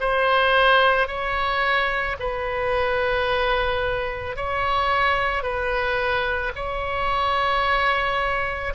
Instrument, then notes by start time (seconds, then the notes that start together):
oboe
0.00 C5
1.07 C#5
2.19 B4
4.36 C#5
5.42 B4
6.55 C#5